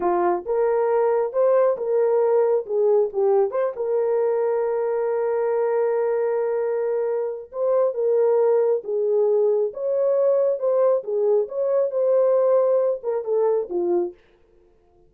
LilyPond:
\new Staff \with { instrumentName = "horn" } { \time 4/4 \tempo 4 = 136 f'4 ais'2 c''4 | ais'2 gis'4 g'4 | c''8 ais'2.~ ais'8~ | ais'1~ |
ais'4 c''4 ais'2 | gis'2 cis''2 | c''4 gis'4 cis''4 c''4~ | c''4. ais'8 a'4 f'4 | }